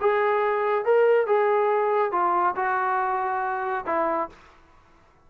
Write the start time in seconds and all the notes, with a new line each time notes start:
0.00 G#4
0.84 A#4
1.26 G#4
2.12 F4
2.55 F#4
3.86 E4